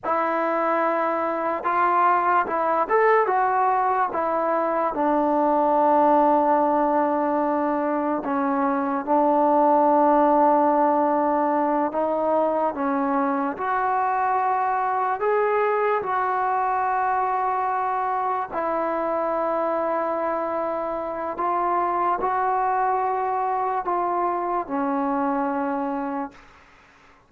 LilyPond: \new Staff \with { instrumentName = "trombone" } { \time 4/4 \tempo 4 = 73 e'2 f'4 e'8 a'8 | fis'4 e'4 d'2~ | d'2 cis'4 d'4~ | d'2~ d'8 dis'4 cis'8~ |
cis'8 fis'2 gis'4 fis'8~ | fis'2~ fis'8 e'4.~ | e'2 f'4 fis'4~ | fis'4 f'4 cis'2 | }